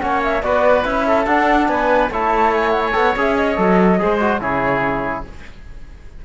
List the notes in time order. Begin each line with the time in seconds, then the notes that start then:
0.00 A#3 C#4 C#5 F#5
0.23 E5
0.42 B3 F#4 B4 D5
0.84 C#4 E4 E5
1.07 A4
1.26 D4 F#5
1.67 B3 B4 G#5
2.10 A3 E4 C#5 A5
2.54 G#5
2.71 F#5
2.85 G#5
2.92 B3 A4 F#5
3.16 C#4 G#4 E5
3.35 D#5
3.56 F#3 A4
3.98 G#3 G#4 C5
4.20 F#4
4.40 C#3 E4 G#4 C#5